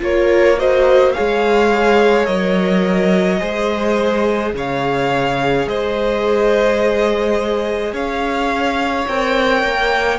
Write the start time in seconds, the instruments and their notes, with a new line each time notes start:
0.00 cello A#3, viola F4, violin A#4 C#5
0.58 viola F#4, violin C5 D#5
1.13 viola G#4, violin C#5 F5
1.19 cello G#3
2.25 cello F#3, viola A#4, violin D#5
3.39 cello G#3, viola G#4, violin C5
4.54 cello C#3, violin C#5 F5
5.67 cello G#3, violin C5 D#5
7.93 cello C#4, violin C#5 F5
9.08 cello C4, viola A#4, violin G5
9.63 cello A#3